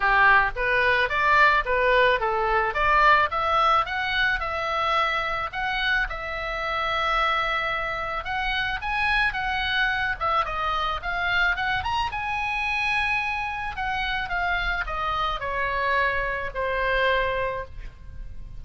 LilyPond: \new Staff \with { instrumentName = "oboe" } { \time 4/4 \tempo 4 = 109 g'4 b'4 d''4 b'4 | a'4 d''4 e''4 fis''4 | e''2 fis''4 e''4~ | e''2. fis''4 |
gis''4 fis''4. e''8 dis''4 | f''4 fis''8 ais''8 gis''2~ | gis''4 fis''4 f''4 dis''4 | cis''2 c''2 | }